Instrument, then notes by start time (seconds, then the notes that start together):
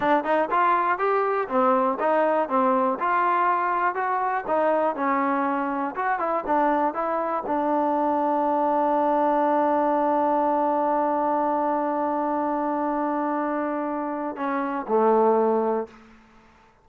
trombone
0.00 D4
0.24 D#4
0.50 F4
0.98 G4
1.48 C4
1.99 D#4
2.48 C4
2.99 F4
3.94 F#4
4.47 D#4
4.95 C#4
5.95 F#4
6.19 E4
6.46 D4
6.94 E4
7.46 D4
14.36 C#4
14.88 A3